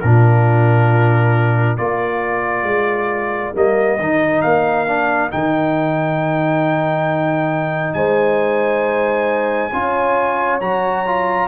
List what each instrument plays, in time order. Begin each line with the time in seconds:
0.00 tuba A#2, trombone D4, horn F4, trumpet A#4
1.77 tuba A#3, trombone F4, horn A#4, trumpet D5
2.63 tuba G#3
3.53 tuba G3, trombone A#3, trumpet D#5
3.99 tuba D#3, trombone D#4
4.41 tuba A#3, trumpet F5
4.87 trombone D4
5.30 tuba D#3, trombone D#4, trumpet G5
7.93 tuba G#3, horn C5, trumpet G#5
9.72 tuba C#4, trombone F4, horn C#5
10.60 tuba F#3, trombone F#4, trumpet A#5
11.06 trombone F4